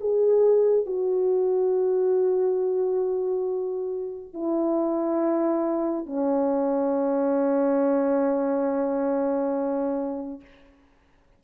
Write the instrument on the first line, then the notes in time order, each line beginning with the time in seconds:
horn
0.00 G#4
0.86 F#4
4.33 E4
6.06 C#4